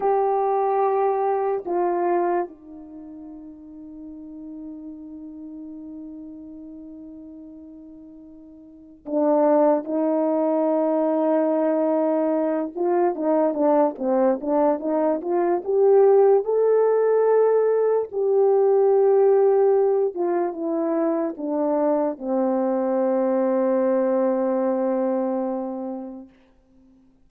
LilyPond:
\new Staff \with { instrumentName = "horn" } { \time 4/4 \tempo 4 = 73 g'2 f'4 dis'4~ | dis'1~ | dis'2. d'4 | dis'2.~ dis'8 f'8 |
dis'8 d'8 c'8 d'8 dis'8 f'8 g'4 | a'2 g'2~ | g'8 f'8 e'4 d'4 c'4~ | c'1 | }